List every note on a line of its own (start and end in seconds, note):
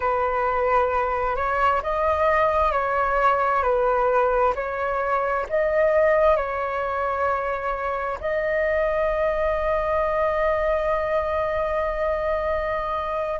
0.00 1.36 B4
1.36 1.81 C#5
1.83 2.71 D#5
2.71 3.62 C#5
3.62 4.53 B4
4.55 5.46 C#5
5.49 6.36 D#5
6.36 8.18 C#5
8.20 13.40 D#5